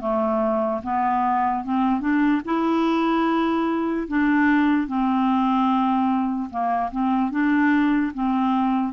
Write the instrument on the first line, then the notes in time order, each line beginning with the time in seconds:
clarinet
0.00 A3
0.83 B3
1.64 C4
2.01 D4
2.45 E4
4.08 D4
4.87 C4
6.50 A#3
6.91 C4
7.31 D4
8.14 C4